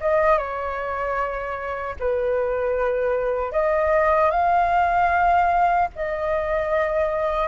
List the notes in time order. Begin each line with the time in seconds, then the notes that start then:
0.00 D#5
0.38 C#5
2.00 B4
3.52 D#5
4.30 F5
5.95 D#5